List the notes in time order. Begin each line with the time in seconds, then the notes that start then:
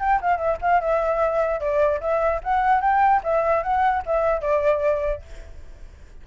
0.00 G5
0.22 F5
0.38 E5
0.62 F5
0.81 E5
1.61 D5
2.01 E5
2.44 F#5
2.82 G5
3.24 E5
3.63 F#5
4.06 E5
4.42 D5